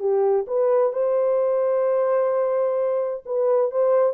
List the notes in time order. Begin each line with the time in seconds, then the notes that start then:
0.00 G4
0.48 B4
0.93 C5
3.26 B4
3.72 C5